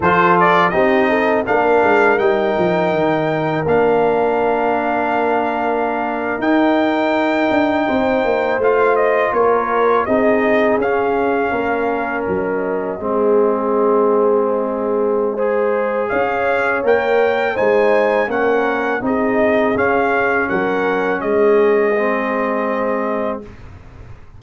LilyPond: <<
  \new Staff \with { instrumentName = "trumpet" } { \time 4/4 \tempo 4 = 82 c''8 d''8 dis''4 f''4 g''4~ | g''4 f''2.~ | f''8. g''2. f''16~ | f''16 dis''8 cis''4 dis''4 f''4~ f''16~ |
f''8. dis''2.~ dis''16~ | dis''2 f''4 g''4 | gis''4 fis''4 dis''4 f''4 | fis''4 dis''2. | }
  \new Staff \with { instrumentName = "horn" } { \time 4/4 a'4 g'8 a'8 ais'2~ | ais'1~ | ais'2~ ais'8. c''4~ c''16~ | c''8. ais'4 gis'2 ais'16~ |
ais'4.~ ais'16 gis'2~ gis'16~ | gis'4 c''4 cis''2 | c''4 ais'4 gis'2 | ais'4 gis'2. | }
  \new Staff \with { instrumentName = "trombone" } { \time 4/4 f'4 dis'4 d'4 dis'4~ | dis'4 d'2.~ | d'8. dis'2. f'16~ | f'4.~ f'16 dis'4 cis'4~ cis'16~ |
cis'4.~ cis'16 c'2~ c'16~ | c'4 gis'2 ais'4 | dis'4 cis'4 dis'4 cis'4~ | cis'2 c'2 | }
  \new Staff \with { instrumentName = "tuba" } { \time 4/4 f4 c'4 ais8 gis8 g8 f8 | dis4 ais2.~ | ais8. dis'4. d'8 c'8 ais8 a16~ | a8. ais4 c'4 cis'4 ais16~ |
ais8. fis4 gis2~ gis16~ | gis2 cis'4 ais4 | gis4 ais4 c'4 cis'4 | fis4 gis2. | }
>>